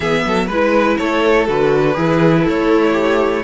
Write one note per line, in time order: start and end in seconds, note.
0.00 0.24 E3
0.00 0.50 B3
0.00 0.23 G#4
0.00 0.48 E5
0.25 0.48 F#3
0.25 0.46 A4
0.46 0.98 G#3
0.46 1.47 E4
0.46 0.96 B4
0.46 0.97 B4
0.97 1.48 A3
0.97 1.96 A4
0.97 1.46 C#5
1.47 1.97 D3
1.47 1.94 F#4
1.47 2.47 B4
1.94 2.46 E3
1.94 3.44 E4
1.94 2.42 G#4
2.42 2.91 A4
2.42 3.44 C#5
2.49 3.44 A3
2.92 3.41 G4